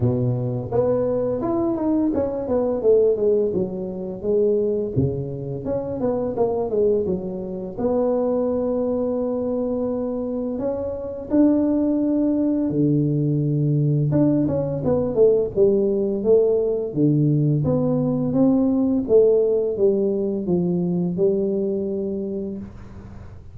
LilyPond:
\new Staff \with { instrumentName = "tuba" } { \time 4/4 \tempo 4 = 85 b,4 b4 e'8 dis'8 cis'8 b8 | a8 gis8 fis4 gis4 cis4 | cis'8 b8 ais8 gis8 fis4 b4~ | b2. cis'4 |
d'2 d2 | d'8 cis'8 b8 a8 g4 a4 | d4 b4 c'4 a4 | g4 f4 g2 | }